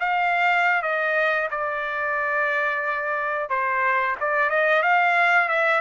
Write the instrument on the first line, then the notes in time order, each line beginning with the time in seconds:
trumpet
0.00 F5
0.82 D#5
1.51 D5
3.49 C5
4.20 D5
4.50 D#5
4.83 F5
5.48 E5